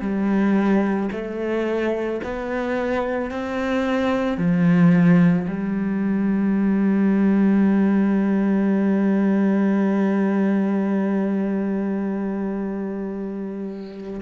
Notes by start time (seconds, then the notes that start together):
0.00 G3
1.12 A3
2.24 B3
3.31 C4
4.37 F3
5.47 G3